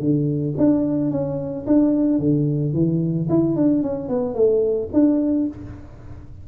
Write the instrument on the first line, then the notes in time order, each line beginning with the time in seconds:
tuba
0.00 D3
0.58 D4
1.11 C#4
1.67 D4
2.19 D3
2.73 E3
3.30 E4
3.56 D4
3.83 C#4
4.09 B3
4.35 A3
4.93 D4